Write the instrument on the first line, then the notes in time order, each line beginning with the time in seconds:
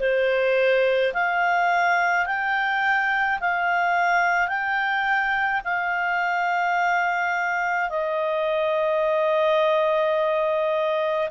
clarinet
0.00 C5
1.14 F5
2.26 G5
3.41 F5
4.48 G5
5.64 F5
7.89 D#5